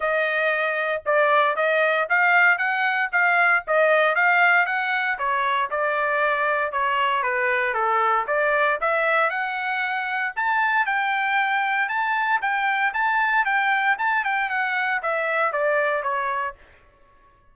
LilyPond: \new Staff \with { instrumentName = "trumpet" } { \time 4/4 \tempo 4 = 116 dis''2 d''4 dis''4 | f''4 fis''4 f''4 dis''4 | f''4 fis''4 cis''4 d''4~ | d''4 cis''4 b'4 a'4 |
d''4 e''4 fis''2 | a''4 g''2 a''4 | g''4 a''4 g''4 a''8 g''8 | fis''4 e''4 d''4 cis''4 | }